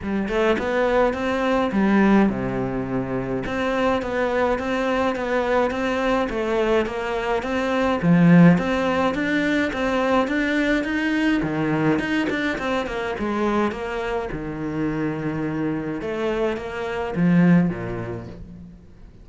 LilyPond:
\new Staff \with { instrumentName = "cello" } { \time 4/4 \tempo 4 = 105 g8 a8 b4 c'4 g4 | c2 c'4 b4 | c'4 b4 c'4 a4 | ais4 c'4 f4 c'4 |
d'4 c'4 d'4 dis'4 | dis4 dis'8 d'8 c'8 ais8 gis4 | ais4 dis2. | a4 ais4 f4 ais,4 | }